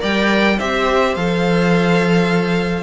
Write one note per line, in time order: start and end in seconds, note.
0.00 0.60 G3
0.00 0.57 A#4
0.00 0.57 D5
0.00 0.59 G5
0.58 1.16 C4
0.58 1.17 G4
0.58 2.83 C5
0.58 1.15 E5
1.15 2.83 F3
1.15 2.83 A4
1.15 2.83 F5